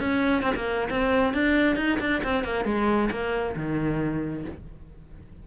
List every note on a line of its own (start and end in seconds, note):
0.00 0.43 C#4
0.43 0.54 C4
0.56 0.89 A#3
0.90 1.34 C4
1.34 1.76 D4
1.76 1.99 D#4
2.00 2.22 D4
2.24 2.44 C4
2.44 2.65 A#3
2.65 3.10 G#3
3.11 3.55 A#3
3.56 4.45 D#3